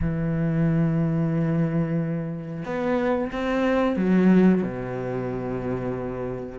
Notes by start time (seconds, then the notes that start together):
0.01 E3
2.65 B3
3.32 C4
3.96 F#3
4.62 B2